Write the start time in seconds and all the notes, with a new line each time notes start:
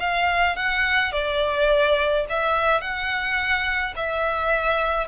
0.00 F5
0.57 F#5
1.13 D5
2.30 E5
2.81 F#5
3.97 E5